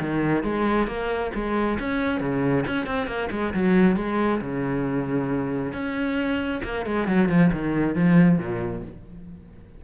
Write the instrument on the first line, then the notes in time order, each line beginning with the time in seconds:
cello
0.00 D#3
0.44 G#3
0.87 A#3
1.34 G#3
1.79 C#4
2.20 C#3
2.67 C#4
2.86 C4
3.07 A#3
3.31 G#3
3.54 F#3
3.96 G#3
4.41 C#3
5.73 C#4
6.64 A#3
6.86 G#3
7.07 F#3
7.29 F3
7.53 D#3
7.95 F3
8.38 A#2